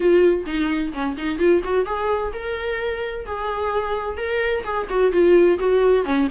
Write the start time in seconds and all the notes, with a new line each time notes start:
0.00 F4
0.45 D#4
0.93 C#4
1.17 D#4
1.38 F4
1.64 F#4
1.85 G#4
2.33 A#4
3.26 G#4
4.17 A#4
4.64 G#4
4.89 F#4
5.11 F4
5.59 F#4
6.04 C#4